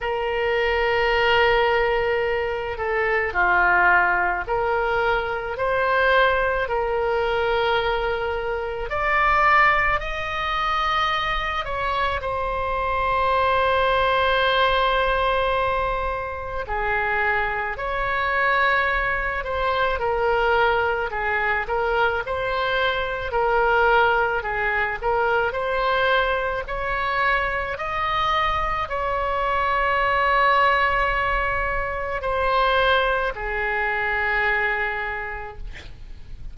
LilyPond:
\new Staff \with { instrumentName = "oboe" } { \time 4/4 \tempo 4 = 54 ais'2~ ais'8 a'8 f'4 | ais'4 c''4 ais'2 | d''4 dis''4. cis''8 c''4~ | c''2. gis'4 |
cis''4. c''8 ais'4 gis'8 ais'8 | c''4 ais'4 gis'8 ais'8 c''4 | cis''4 dis''4 cis''2~ | cis''4 c''4 gis'2 | }